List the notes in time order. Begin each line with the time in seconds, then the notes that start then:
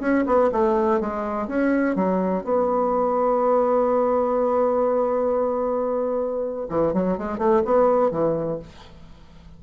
0.00 C#4
0.26 B3
0.52 A3
1.00 G#3
1.47 C#4
1.95 F#3
2.44 B3
6.69 E3
6.93 F#3
7.17 G#3
7.38 A3
7.65 B3
8.11 E3